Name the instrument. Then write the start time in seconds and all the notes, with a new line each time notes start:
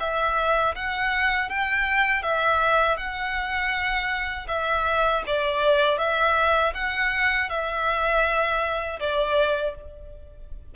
violin
0.00 E5
0.75 F#5
1.49 G5
2.22 E5
2.97 F#5
4.48 E5
5.26 D5
5.98 E5
6.74 F#5
7.49 E5
9.00 D5